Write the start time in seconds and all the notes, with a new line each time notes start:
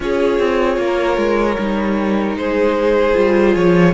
0.00 C#4 F4 G#4 C#5
0.38 C4
0.77 A#3 A#4
1.17 G#3
1.58 G3 D#4
2.36 G#3 G#4 C5
3.13 G3 F4
3.55 F3 C#5